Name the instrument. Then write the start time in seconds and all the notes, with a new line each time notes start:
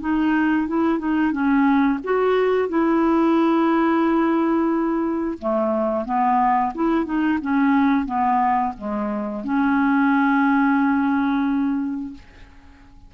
clarinet
0.00 D#4
0.67 E4
0.99 D#4
1.31 C#4
2.03 F#4
2.68 E4
5.38 A3
6.05 B3
6.74 E4
7.05 D#4
7.41 C#4
8.05 B3
8.77 G#3
9.44 C#4